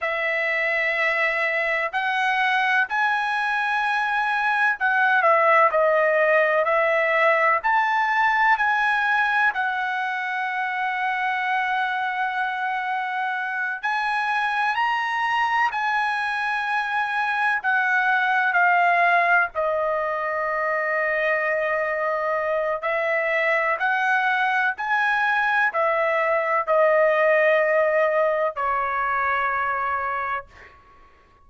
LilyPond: \new Staff \with { instrumentName = "trumpet" } { \time 4/4 \tempo 4 = 63 e''2 fis''4 gis''4~ | gis''4 fis''8 e''8 dis''4 e''4 | a''4 gis''4 fis''2~ | fis''2~ fis''8 gis''4 ais''8~ |
ais''8 gis''2 fis''4 f''8~ | f''8 dis''2.~ dis''8 | e''4 fis''4 gis''4 e''4 | dis''2 cis''2 | }